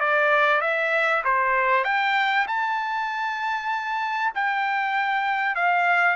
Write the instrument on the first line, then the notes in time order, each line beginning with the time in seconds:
trumpet
0.00 D5
0.61 E5
1.24 C5
1.84 G5
2.47 A5
4.35 G5
5.55 F5